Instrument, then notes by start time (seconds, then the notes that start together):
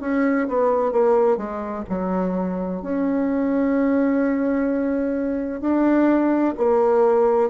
bassoon
0.00 C#4
0.47 B3
0.92 A#3
1.37 G#3
1.89 F#3
2.81 C#4
5.60 D4
6.57 A#3